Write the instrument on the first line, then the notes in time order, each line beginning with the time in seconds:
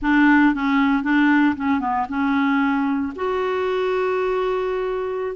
clarinet
0.02 D4
0.54 C#4
1.03 D4
1.56 C#4
1.80 B3
2.08 C#4
3.15 F#4